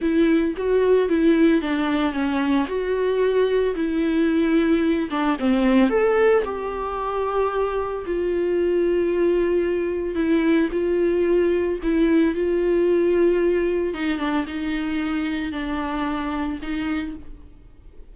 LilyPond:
\new Staff \with { instrumentName = "viola" } { \time 4/4 \tempo 4 = 112 e'4 fis'4 e'4 d'4 | cis'4 fis'2 e'4~ | e'4. d'8 c'4 a'4 | g'2. f'4~ |
f'2. e'4 | f'2 e'4 f'4~ | f'2 dis'8 d'8 dis'4~ | dis'4 d'2 dis'4 | }